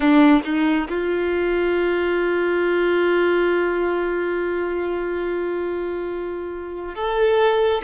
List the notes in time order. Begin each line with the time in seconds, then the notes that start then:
0.00 D4
0.44 D#4
0.88 F4
6.94 A4